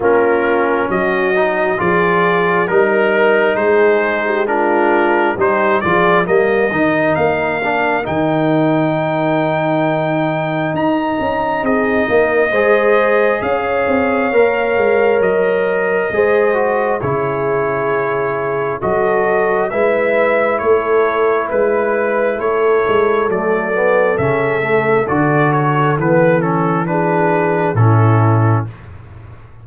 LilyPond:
<<
  \new Staff \with { instrumentName = "trumpet" } { \time 4/4 \tempo 4 = 67 ais'4 dis''4 d''4 ais'4 | c''4 ais'4 c''8 d''8 dis''4 | f''4 g''2. | ais''4 dis''2 f''4~ |
f''4 dis''2 cis''4~ | cis''4 dis''4 e''4 cis''4 | b'4 cis''4 d''4 e''4 | d''8 cis''8 b'8 a'8 b'4 a'4 | }
  \new Staff \with { instrumentName = "horn" } { \time 4/4 f'4 fis'4 gis'4 ais'4 | gis'8. g'16 f'4 g'8 gis'8 ais'4~ | ais'1~ | ais'4 gis'8 ais'8 c''4 cis''4~ |
cis''2 c''4 gis'4~ | gis'4 a'4 b'4 a'4 | b'4 a'2.~ | a'2 gis'4 e'4 | }
  \new Staff \with { instrumentName = "trombone" } { \time 4/4 cis'4. dis'8 f'4 dis'4~ | dis'4 d'4 dis'8 f'8 ais8 dis'8~ | dis'8 d'8 dis'2.~ | dis'2 gis'2 |
ais'2 gis'8 fis'8 e'4~ | e'4 fis'4 e'2~ | e'2 a8 b8 cis'8 a8 | fis'4 b8 cis'8 d'4 cis'4 | }
  \new Staff \with { instrumentName = "tuba" } { \time 4/4 ais4 fis4 f4 g4 | gis2 g8 f8 g8 dis8 | ais4 dis2. | dis'8 cis'8 c'8 ais8 gis4 cis'8 c'8 |
ais8 gis8 fis4 gis4 cis4~ | cis4 fis4 gis4 a4 | gis4 a8 gis8 fis4 cis4 | d4 e2 a,4 | }
>>